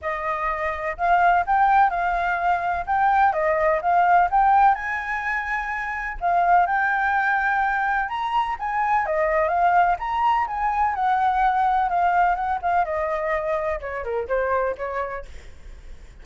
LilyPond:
\new Staff \with { instrumentName = "flute" } { \time 4/4 \tempo 4 = 126 dis''2 f''4 g''4 | f''2 g''4 dis''4 | f''4 g''4 gis''2~ | gis''4 f''4 g''2~ |
g''4 ais''4 gis''4 dis''4 | f''4 ais''4 gis''4 fis''4~ | fis''4 f''4 fis''8 f''8 dis''4~ | dis''4 cis''8 ais'8 c''4 cis''4 | }